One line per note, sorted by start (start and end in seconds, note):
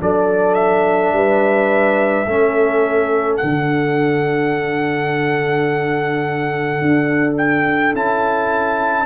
0.00 1.12 F#3
0.00 2.26 D4
0.00 1.15 A4
0.00 0.55 D5
0.55 3.37 E5
1.12 2.26 G3
1.12 2.29 B4
2.26 3.39 A3
2.26 3.41 C#4
2.26 9.06 A4
3.37 6.81 D3
3.37 7.94 D4
3.37 7.33 F#5
6.81 7.94 D4
7.38 7.94 G5
7.94 9.06 C#4
7.94 9.06 E4
7.94 9.06 A5